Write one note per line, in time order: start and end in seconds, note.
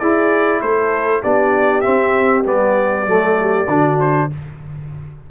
0.00 0.62 E4
0.00 1.24 E4
0.00 0.61 G#4
0.00 0.61 D5
0.61 1.23 A3
0.61 1.22 A4
0.61 1.23 C5
1.22 1.86 B3
1.22 1.83 D4
1.22 3.06 G4
1.22 1.81 D5
1.81 2.44 C4
1.81 2.47 C4
1.81 2.43 E5
2.45 3.07 G3
2.45 3.07 B3
2.45 4.00 D5
3.07 3.68 F#3
3.07 3.68 A3
3.07 3.39 A4
3.42 3.69 G4
3.68 4.29 D3
3.68 4.31 D4
3.68 4.31 F#4
4.00 4.30 C5